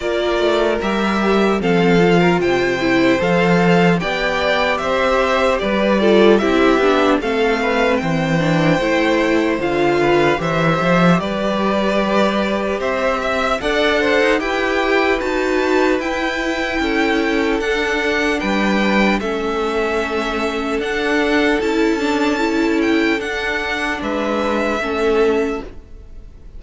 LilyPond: <<
  \new Staff \with { instrumentName = "violin" } { \time 4/4 \tempo 4 = 75 d''4 e''4 f''4 g''4 | f''4 g''4 e''4 d''4 | e''4 f''4 g''2 | f''4 e''4 d''2 |
e''4 fis''4 g''4 a''4 | g''2 fis''4 g''4 | e''2 fis''4 a''4~ | a''8 g''8 fis''4 e''2 | }
  \new Staff \with { instrumentName = "violin" } { \time 4/4 ais'2 a'8. ais'16 c''4~ | c''4 d''4 c''4 b'8 a'8 | g'4 a'8 b'8 c''2~ | c''8 b'8 c''4 b'2 |
c''8 e''8 d''8 c''8 b'2~ | b'4 a'2 b'4 | a'1~ | a'2 b'4 a'4 | }
  \new Staff \with { instrumentName = "viola" } { \time 4/4 f'4 g'4 c'8 f'4 e'8 | a'4 g'2~ g'8 f'8 | e'8 d'8 c'4. d'8 e'4 | f'4 g'2.~ |
g'4 a'4 g'4 fis'4 | e'2 d'2 | cis'2 d'4 e'8 d'8 | e'4 d'2 cis'4 | }
  \new Staff \with { instrumentName = "cello" } { \time 4/4 ais8 a8 g4 f4 c4 | f4 b4 c'4 g4 | c'8 b8 a4 e4 a4 | d4 e8 f8 g2 |
c'4 d'8. dis'16 e'4 dis'4 | e'4 cis'4 d'4 g4 | a2 d'4 cis'4~ | cis'4 d'4 gis4 a4 | }
>>